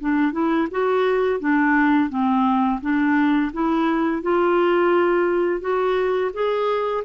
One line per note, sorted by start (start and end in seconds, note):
0.00 0.32 D4
0.32 0.68 E4
0.71 1.40 F#4
1.40 2.10 D4
2.10 2.80 C4
2.81 3.52 D4
3.53 4.22 E4
4.22 5.61 F4
5.61 6.31 F#4
6.33 7.04 G#4